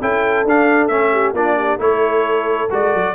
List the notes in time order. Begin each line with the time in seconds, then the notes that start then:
0.00 C#4 E4 A4 G5
0.45 D4 F5
0.88 A3 C#4 E5
1.13 G4
1.33 A#3 D4 F4 D5
1.58 G4
1.79 A3 E4 A4 C#5
2.71 G#3 F#4 D5
2.94 F#3